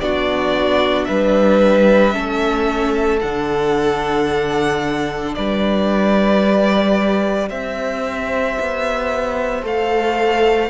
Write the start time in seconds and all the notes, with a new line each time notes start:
0.00 B3 D4 F#4 D5
1.05 G3 B4 E5
2.12 A3 C#4 A4
3.21 D3 D4 F#5
5.35 G3 B4 D5
6.44 G4
7.49 C4 C5 E5
8.60 B3
9.63 A3 A4 F5